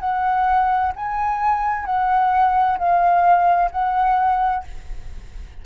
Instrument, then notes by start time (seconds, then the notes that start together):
flute
0.00 F#5
0.96 G#5
1.86 F#5
2.79 F5
3.72 F#5